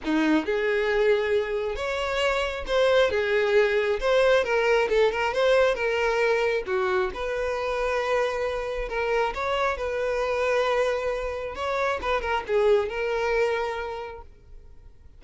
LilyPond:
\new Staff \with { instrumentName = "violin" } { \time 4/4 \tempo 4 = 135 dis'4 gis'2. | cis''2 c''4 gis'4~ | gis'4 c''4 ais'4 a'8 ais'8 | c''4 ais'2 fis'4 |
b'1 | ais'4 cis''4 b'2~ | b'2 cis''4 b'8 ais'8 | gis'4 ais'2. | }